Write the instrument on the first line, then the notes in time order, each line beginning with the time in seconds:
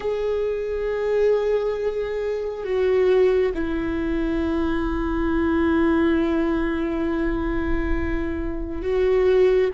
viola
0.00 G#4
2.64 F#4
3.54 E4
8.82 F#4